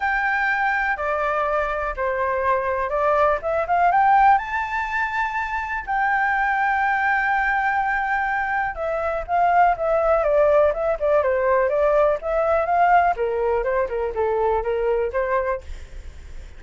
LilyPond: \new Staff \with { instrumentName = "flute" } { \time 4/4 \tempo 4 = 123 g''2 d''2 | c''2 d''4 e''8 f''8 | g''4 a''2. | g''1~ |
g''2 e''4 f''4 | e''4 d''4 e''8 d''8 c''4 | d''4 e''4 f''4 ais'4 | c''8 ais'8 a'4 ais'4 c''4 | }